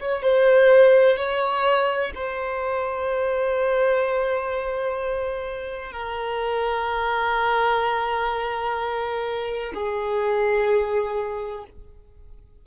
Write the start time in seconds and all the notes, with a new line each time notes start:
0.00 C#5
0.22 C5
1.17 C#5
2.15 C5
5.92 A#4
9.74 G#4